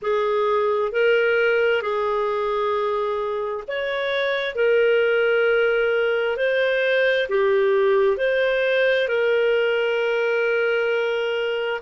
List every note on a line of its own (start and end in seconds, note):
0.02 0.91 G#4
0.91 1.82 A#4
1.82 3.64 G#4
3.67 4.55 C#5
4.55 6.36 A#4
6.36 7.27 C5
7.29 8.17 G4
8.17 9.07 C5
9.07 11.80 A#4